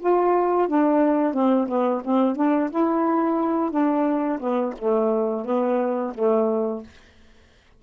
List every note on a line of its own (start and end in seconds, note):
0.00 0.68 F4
0.68 1.33 D4
1.33 1.67 C4
1.68 2.02 B3
2.04 2.36 C4
2.36 2.70 D4
2.70 3.71 E4
3.71 4.39 D4
4.39 4.73 B3
4.78 5.45 A3
5.45 6.13 B3
6.14 6.82 A3